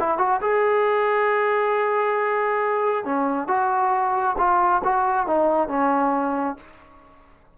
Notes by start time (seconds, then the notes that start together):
0.00 E4
0.19 F#4
0.42 G#4
3.05 C#4
3.48 F#4
4.38 F4
4.84 F#4
5.27 D#4
5.69 C#4